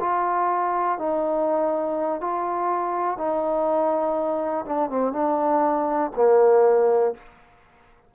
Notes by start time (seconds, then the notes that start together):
0.00 F4
0.98 D#4
2.20 F4
3.17 D#4
4.65 D4
4.90 C4
5.12 D4
6.16 A#3